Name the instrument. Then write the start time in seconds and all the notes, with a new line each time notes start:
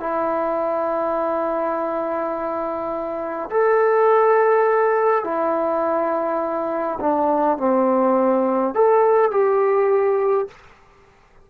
trombone
0.00 E4
3.50 A4
5.24 E4
7.00 D4
7.58 C4
8.75 A4
9.31 G4